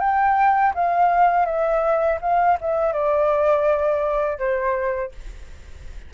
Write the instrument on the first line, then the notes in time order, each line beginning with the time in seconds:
flute
0.00 G5
0.75 F5
1.46 E5
2.21 F5
2.61 E5
2.93 D5
4.38 C5